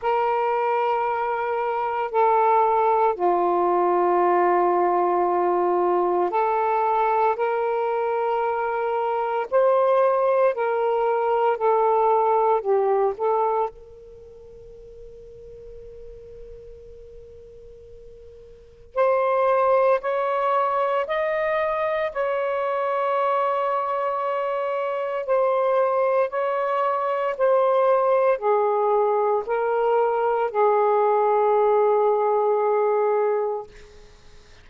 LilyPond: \new Staff \with { instrumentName = "saxophone" } { \time 4/4 \tempo 4 = 57 ais'2 a'4 f'4~ | f'2 a'4 ais'4~ | ais'4 c''4 ais'4 a'4 | g'8 a'8 ais'2.~ |
ais'2 c''4 cis''4 | dis''4 cis''2. | c''4 cis''4 c''4 gis'4 | ais'4 gis'2. | }